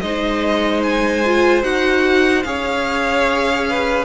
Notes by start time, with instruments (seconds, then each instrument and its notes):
0.00 cello G#3, viola D#4, violin C5 D#5
0.82 violin G#5
1.25 viola F4
1.62 cello D#4, viola F#4, violin F#5
2.42 cello C#4, viola G#4, violin C#5 F5
3.69 violin B4